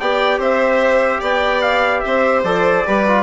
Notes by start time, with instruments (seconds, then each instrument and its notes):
0.00 bassoon B3, trombone G4, violin D5, trumpet G5
0.39 bassoon C4, violin C5, trumpet E5
1.20 bassoon B3, violin D5, trumpet G5
1.62 trumpet F5
2.01 bassoon C4, violin C5, trumpet E5
2.44 bassoon F3, trombone A4, trumpet D5
2.86 bassoon G3, trombone G4, violin B4
3.08 trombone F4